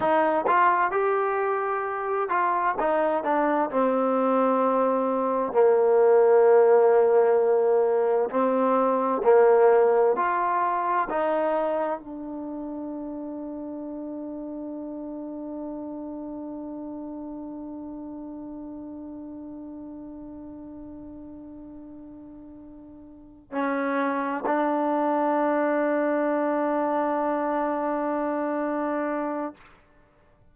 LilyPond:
\new Staff \with { instrumentName = "trombone" } { \time 4/4 \tempo 4 = 65 dis'8 f'8 g'4. f'8 dis'8 d'8 | c'2 ais2~ | ais4 c'4 ais4 f'4 | dis'4 d'2.~ |
d'1~ | d'1~ | d'4. cis'4 d'4.~ | d'1 | }